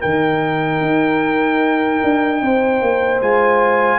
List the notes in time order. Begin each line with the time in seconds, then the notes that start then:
0.00 D#3 D#4 A#4 G5
0.80 D#4
2.03 D4
2.41 C4 C5
2.81 A#3
3.21 G#3 F4 G#5